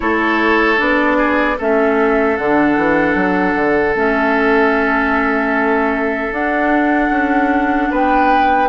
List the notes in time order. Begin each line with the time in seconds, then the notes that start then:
0.00 A3 E4 A4 C#5
0.77 B3 D4 D5
1.17 G#4
1.57 A3 C#4 A4 E5
2.36 D3 D4 F#5
2.76 E3
3.14 F#3
3.55 D3
3.95 A3 C#4 E5
6.30 D4 F#5
7.10 C#4
7.90 B3 B4 G5